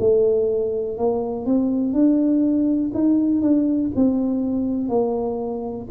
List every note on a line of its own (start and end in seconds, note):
0.00 0.98 A3
0.98 1.46 A#3
1.46 1.94 C4
1.94 2.92 D4
2.95 3.42 D#4
3.42 3.91 D4
3.96 4.90 C4
4.90 5.88 A#3